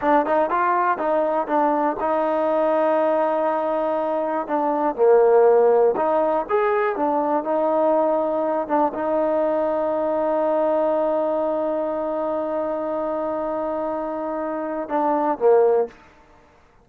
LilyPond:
\new Staff \with { instrumentName = "trombone" } { \time 4/4 \tempo 4 = 121 d'8 dis'8 f'4 dis'4 d'4 | dis'1~ | dis'4 d'4 ais2 | dis'4 gis'4 d'4 dis'4~ |
dis'4. d'8 dis'2~ | dis'1~ | dis'1~ | dis'2 d'4 ais4 | }